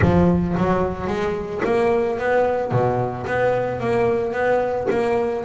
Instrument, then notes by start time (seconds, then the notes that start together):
double bass
0.01 F3
0.57 F#3
1.07 G#3
1.64 A#3
2.18 B3
2.71 B2
3.27 B3
3.80 A#3
4.32 B3
4.90 A#3